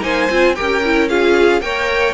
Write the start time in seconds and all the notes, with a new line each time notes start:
0.00 A#3 D#4 C5 G#5
0.30 C4 F4
0.55 C#4 G4 A#4 G5
0.85 E4
1.09 F4 G#4 F5
1.61 A#3 A#4 C#5 G5